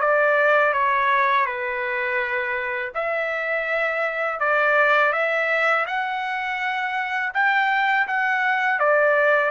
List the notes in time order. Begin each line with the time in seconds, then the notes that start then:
0.00 D5
0.73 C#5
1.45 B4
2.94 E5
4.39 D5
5.12 E5
5.86 F#5
7.33 G5
8.07 F#5
8.79 D5